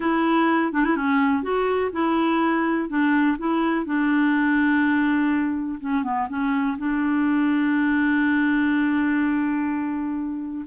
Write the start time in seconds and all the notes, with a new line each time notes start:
0.00 E4
0.73 D4
0.84 E4
0.96 C#4
1.43 F#4
1.92 E4
2.89 D4
3.38 E4
3.85 D4
5.80 C#4
6.03 B3
6.28 C#4
6.77 D4